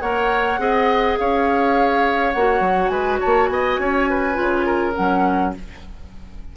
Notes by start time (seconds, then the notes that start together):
0.00 A#3 A#4 C#5 F#5
0.58 C4 G#4 D#5
1.17 C#4 C#5 F5
2.32 A#3 F#4 F#5
2.60 F#3
2.88 G#3 B4 G#5
3.19 A#3 C#5 A5
3.46 B3 D#5 G#5
3.78 C#4 C#5
4.09 B4
4.34 C#3 F4
4.66 A#4
4.95 F#3 C#4 F#5